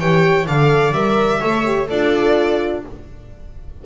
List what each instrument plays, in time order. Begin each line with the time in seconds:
0.00 double bass E3, horn G4, viola C#5, violin G5
0.47 double bass D3, horn A4, viola D5, violin F5
0.92 double bass G3, horn A#4, violin E5
1.41 double bass A3, horn A4, viola C#5
1.65 horn G4
1.88 double bass D4, horn F4, viola A4, violin D5